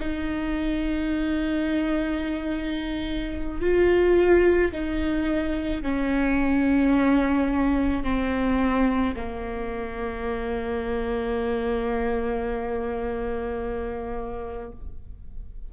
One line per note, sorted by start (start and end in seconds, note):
0.00 3.61 D#4
3.61 4.72 F4
4.72 5.83 D#4
5.83 8.04 C#4
8.04 9.15 C4
9.16 14.72 A#3